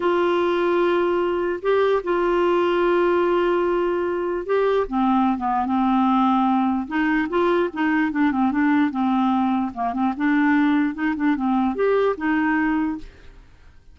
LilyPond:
\new Staff \with { instrumentName = "clarinet" } { \time 4/4 \tempo 4 = 148 f'1 | g'4 f'2.~ | f'2. g'4 | c'4~ c'16 b8. c'2~ |
c'4 dis'4 f'4 dis'4 | d'8 c'8 d'4 c'2 | ais8 c'8 d'2 dis'8 d'8 | c'4 g'4 dis'2 | }